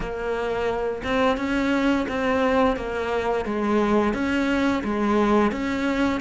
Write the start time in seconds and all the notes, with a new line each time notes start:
0.00 A#3
1.03 C4
1.37 C#4
2.08 C4
2.76 A#3
3.45 G#3
4.13 C#4
4.84 G#3
5.51 C#4